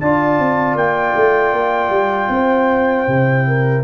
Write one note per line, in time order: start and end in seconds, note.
0.00 0.38 D4
0.00 3.08 F4
0.00 2.32 D5
0.00 0.77 A5
0.38 0.75 C4
0.75 1.13 A#3
0.75 3.83 G5
1.15 1.53 A3
1.53 1.89 A#3
1.89 2.28 G3
2.29 3.06 C4
2.29 3.47 C5
3.07 3.83 C3
3.07 3.83 E4
3.47 3.83 A#4